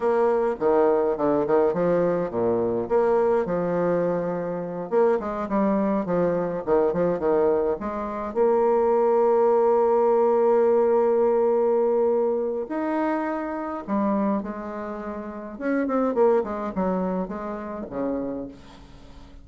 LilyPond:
\new Staff \with { instrumentName = "bassoon" } { \time 4/4 \tempo 4 = 104 ais4 dis4 d8 dis8 f4 | ais,4 ais4 f2~ | f8 ais8 gis8 g4 f4 dis8 | f8 dis4 gis4 ais4.~ |
ais1~ | ais2 dis'2 | g4 gis2 cis'8 c'8 | ais8 gis8 fis4 gis4 cis4 | }